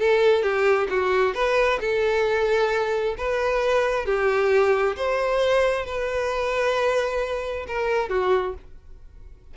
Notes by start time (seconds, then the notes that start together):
0.00 A4
0.43 G4
0.90 F#4
1.35 B4
1.81 A4
3.18 B4
4.06 G4
4.97 C5
5.86 B4
7.68 A#4
8.10 F#4